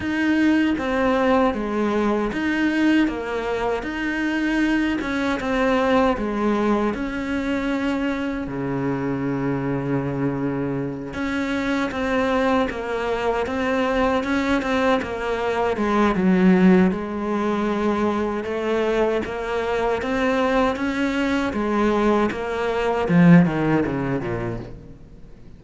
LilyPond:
\new Staff \with { instrumentName = "cello" } { \time 4/4 \tempo 4 = 78 dis'4 c'4 gis4 dis'4 | ais4 dis'4. cis'8 c'4 | gis4 cis'2 cis4~ | cis2~ cis8 cis'4 c'8~ |
c'8 ais4 c'4 cis'8 c'8 ais8~ | ais8 gis8 fis4 gis2 | a4 ais4 c'4 cis'4 | gis4 ais4 f8 dis8 cis8 ais,8 | }